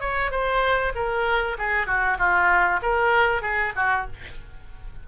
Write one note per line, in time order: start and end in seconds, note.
0.00 0.31 C#5
0.31 0.93 C5
0.95 1.57 A#4
1.58 1.86 G#4
1.86 2.17 F#4
2.18 2.80 F4
2.82 3.42 A#4
3.42 3.73 G#4
3.75 4.06 F#4